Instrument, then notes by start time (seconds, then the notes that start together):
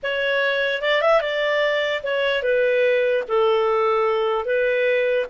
clarinet
0.02 C#5
0.81 D5
1.01 E5
1.21 D5
2.03 C#5
2.42 B4
3.28 A4
4.45 B4